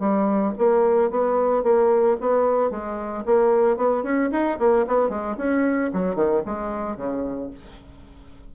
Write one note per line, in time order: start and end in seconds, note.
0.00 0.54 G3
0.58 1.11 A#3
1.11 1.63 B3
1.63 2.17 A#3
2.20 2.71 B3
2.71 3.24 G#3
3.26 3.77 A#3
3.77 4.03 B3
4.03 4.30 C#4
4.32 4.59 D#4
4.59 4.86 A#3
4.87 5.09 B3
5.09 5.36 G#3
5.37 5.91 C#4
5.93 6.16 F#3
6.16 6.42 D#3
6.46 6.97 G#3
6.97 7.50 C#3